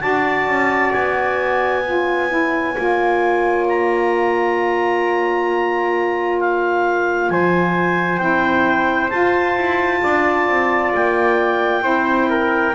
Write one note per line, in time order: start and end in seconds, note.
0.00 0.47 D4
0.00 1.82 F#4
0.00 1.84 D5
0.00 0.91 A5
0.47 0.92 C#4
0.92 2.76 B3
0.92 3.65 G#5
1.84 2.28 F4
1.84 7.29 C#5
2.28 2.74 E4
2.76 7.29 A#3
2.76 8.18 F4
3.68 6.40 A#5
6.40 7.30 F5
7.29 8.19 F3
7.29 10.03 C5
7.29 8.18 G#5
8.18 9.10 C4
8.18 9.09 E4
8.18 9.09 G5
9.09 11.81 F4
9.09 9.56 F4
9.09 10.91 A5
9.56 10.02 E4
10.03 10.48 D4
10.03 11.83 D5
10.48 10.93 C4
10.94 11.82 A#3
10.94 12.75 G5
11.81 12.73 C4
11.81 12.72 E4
11.81 12.28 C5
12.30 12.75 A#4